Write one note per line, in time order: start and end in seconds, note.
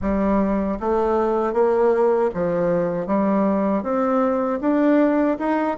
0.01 0.78 G3
0.80 1.53 A3
1.53 2.30 A#3
2.34 3.06 F3
3.06 3.82 G3
3.82 4.59 C4
4.60 5.37 D4
5.38 5.77 D#4